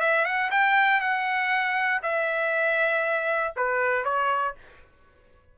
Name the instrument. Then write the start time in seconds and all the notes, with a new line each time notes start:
trumpet
0.00 E5
0.25 F#5
0.51 G5
1.00 F#5
2.02 E5
3.56 B4
4.04 C#5